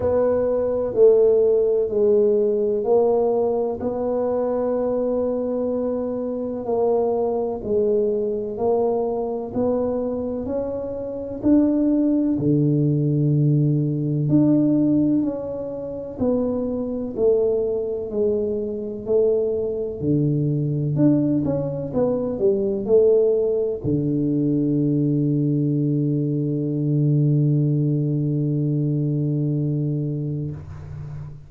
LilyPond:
\new Staff \with { instrumentName = "tuba" } { \time 4/4 \tempo 4 = 63 b4 a4 gis4 ais4 | b2. ais4 | gis4 ais4 b4 cis'4 | d'4 d2 d'4 |
cis'4 b4 a4 gis4 | a4 d4 d'8 cis'8 b8 g8 | a4 d2.~ | d1 | }